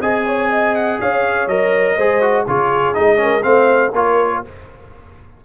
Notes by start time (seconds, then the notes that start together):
0.00 C4 G#4 D#5 G#5
0.26 C#5
0.50 D#5
0.75 F#5
1.00 C#4 C#5 F5
1.46 F#3 A#4 D#5
1.96 G#3 G#4 C5
2.21 F#4
2.46 C#3 F4 G#4 C#5
2.94 G#3 D#4 D#5
3.16 C#4 A#4
3.43 A3 C4 C5 F5
3.93 A#3 F4 A#4 C#5